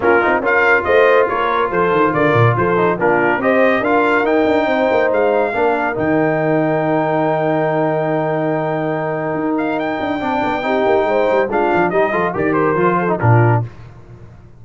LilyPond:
<<
  \new Staff \with { instrumentName = "trumpet" } { \time 4/4 \tempo 4 = 141 ais'4 f''4 dis''4 cis''4 | c''4 d''4 c''4 ais'4 | dis''4 f''4 g''2 | f''2 g''2~ |
g''1~ | g''2~ g''8 f''8 g''4~ | g''2. f''4 | dis''4 d''8 c''4. ais'4 | }
  \new Staff \with { instrumentName = "horn" } { \time 4/4 f'4 ais'4 c''4 ais'4 | a'4 ais'4 a'4 f'4 | c''4 ais'2 c''4~ | c''4 ais'2.~ |
ais'1~ | ais'1 | d''4 g'4 c''4 f'4 | g'8 a'8 ais'4. a'8 f'4 | }
  \new Staff \with { instrumentName = "trombone" } { \time 4/4 cis'8 dis'8 f'2.~ | f'2~ f'8 dis'8 d'4 | g'4 f'4 dis'2~ | dis'4 d'4 dis'2~ |
dis'1~ | dis'1 | d'4 dis'2 d'4 | dis'8 f'8 g'4 f'8. dis'16 d'4 | }
  \new Staff \with { instrumentName = "tuba" } { \time 4/4 ais8 c'8 cis'4 a4 ais4 | f8 dis8 d8 ais,8 f4 ais4 | c'4 d'4 dis'8 d'8 c'8 ais8 | gis4 ais4 dis2~ |
dis1~ | dis2 dis'4. d'8 | c'8 b8 c'8 ais8 gis8 g8 gis8 f8 | g8 f8 dis4 f4 ais,4 | }
>>